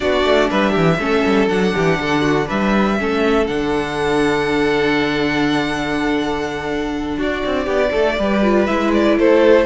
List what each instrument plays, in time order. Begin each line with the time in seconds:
0.00 cello B3, viola D4, violin F#4 D5
0.24 cello A3
0.50 cello G3, violin B4 E5
0.70 cello E3, violin G4
0.98 cello A3, viola C#4, violin A4
1.25 cello G3
1.48 cello F#3, viola D4, violin F#5
1.74 cello E3, violin G4
1.99 cello D3, violin A4
2.21 violin F#4
2.46 cello G3, violin B4 E5
2.98 cello A3, viola C#4, violin A4
3.46 cello D3, viola D4, violin F#5
7.17 cello D4, violin F#4 D5
7.45 cello C4
7.65 cello B3, violin G4
7.91 cello A3, violin A4
8.18 cello G3, viola G4, violin B4
8.43 viola F4
8.66 cello G#3, viola E4, violin E5
8.93 violin D5
9.17 cello A3, violin A4 C5